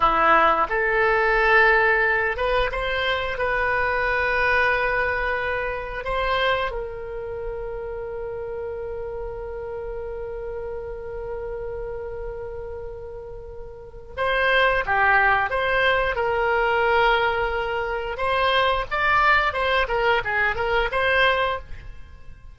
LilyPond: \new Staff \with { instrumentName = "oboe" } { \time 4/4 \tempo 4 = 89 e'4 a'2~ a'8 b'8 | c''4 b'2.~ | b'4 c''4 ais'2~ | ais'1~ |
ais'1~ | ais'4 c''4 g'4 c''4 | ais'2. c''4 | d''4 c''8 ais'8 gis'8 ais'8 c''4 | }